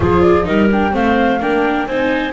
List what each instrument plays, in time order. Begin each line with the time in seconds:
0.00 double bass F3, viola F4, clarinet G#4, flute C5
0.21 flute D5
0.44 double bass G3, viola D#4, clarinet A#4, flute D#5
0.71 viola D4, flute G5
0.91 double bass A3, viola C4, clarinet C5, flute F5
1.39 double bass A#3, viola D4, clarinet A#4, flute G5
1.86 double bass C4, viola D#4, clarinet C5, flute G#5